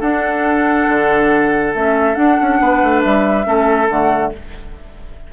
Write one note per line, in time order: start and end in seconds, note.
0.00 0.87 D4
0.00 1.74 D4
0.00 2.59 A4
0.00 1.74 F#5
0.88 1.74 D3
1.74 2.17 A3
1.74 2.15 C#4
1.74 2.15 E5
2.15 3.44 D4
2.15 2.38 D4
2.15 3.01 F#5
2.42 2.60 C#4
2.60 2.82 B3
2.60 3.47 B4
2.83 3.04 A3
3.03 3.46 G3
3.03 3.89 E5
3.44 3.89 A3
3.44 3.87 C#4
3.44 4.33 A4
3.90 4.33 D3
3.90 4.33 A3
3.90 4.33 F#5